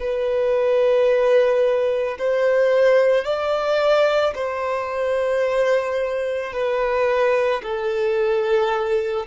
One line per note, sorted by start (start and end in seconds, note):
0.00 2.18 B4
2.19 3.25 C5
3.25 4.34 D5
4.35 6.54 C5
6.54 7.63 B4
7.63 9.27 A4